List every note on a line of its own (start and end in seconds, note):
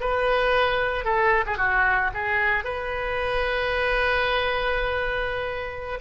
0.00 1.04 B4
1.04 1.44 A4
1.46 1.57 G#4
1.57 2.11 F#4
2.14 2.64 G#4
2.64 5.99 B4